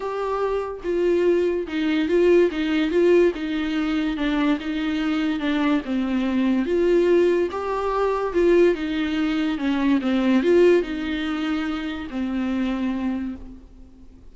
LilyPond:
\new Staff \with { instrumentName = "viola" } { \time 4/4 \tempo 4 = 144 g'2 f'2 | dis'4 f'4 dis'4 f'4 | dis'2 d'4 dis'4~ | dis'4 d'4 c'2 |
f'2 g'2 | f'4 dis'2 cis'4 | c'4 f'4 dis'2~ | dis'4 c'2. | }